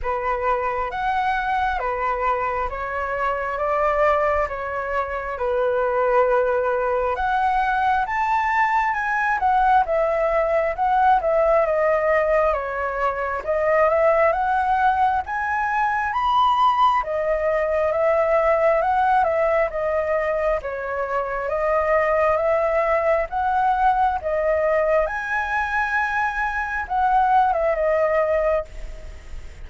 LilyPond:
\new Staff \with { instrumentName = "flute" } { \time 4/4 \tempo 4 = 67 b'4 fis''4 b'4 cis''4 | d''4 cis''4 b'2 | fis''4 a''4 gis''8 fis''8 e''4 | fis''8 e''8 dis''4 cis''4 dis''8 e''8 |
fis''4 gis''4 b''4 dis''4 | e''4 fis''8 e''8 dis''4 cis''4 | dis''4 e''4 fis''4 dis''4 | gis''2 fis''8. e''16 dis''4 | }